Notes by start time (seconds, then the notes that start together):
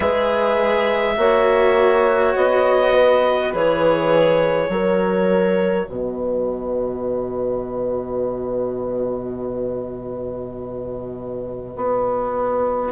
0.00 G#3 G#4 B4 E5
1.16 A#3 F#4 C#5
2.35 B3 D#5
2.94 B4
3.53 E3 G#4 C#5
4.68 F#3 F#4 A#4
5.89 B2 B4 D#5
11.76 B3